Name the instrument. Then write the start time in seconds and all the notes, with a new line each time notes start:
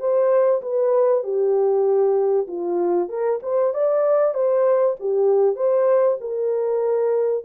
horn
0.00 C5
0.62 B4
1.24 G4
2.48 F4
3.10 A#4
3.43 C5
3.74 D5
4.35 C5
5.00 G4
5.56 C5
6.21 A#4